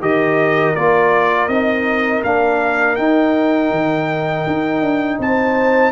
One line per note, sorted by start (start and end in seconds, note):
0.00 0.74 D#3
0.00 0.75 G4
0.00 5.20 A#4
0.00 0.75 D#5
0.75 1.48 A#3
0.75 1.50 F4
0.75 1.48 D5
1.48 2.22 C4
1.48 2.24 D#4
1.48 2.23 D#5
2.23 2.98 A#3
2.23 2.98 D4
2.23 2.96 F5
2.96 3.71 D#4
2.96 5.92 D#4
2.96 5.18 G5
3.71 4.45 D#3
4.47 4.81 D#4
4.81 5.18 D4
5.19 5.92 C4
5.19 5.92 C5
5.19 5.92 A5